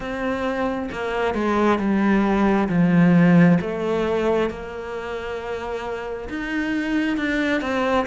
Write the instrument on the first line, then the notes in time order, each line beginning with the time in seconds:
cello
0.00 C4
0.92 A#3
1.34 G#3
1.79 G3
2.68 F3
3.61 A3
4.49 A#3
6.29 D#4
7.17 D4
7.61 C4